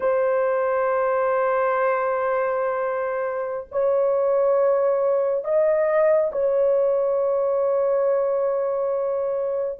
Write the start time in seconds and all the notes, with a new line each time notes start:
0.00 C5
3.71 C#5
5.44 D#5
6.32 C#5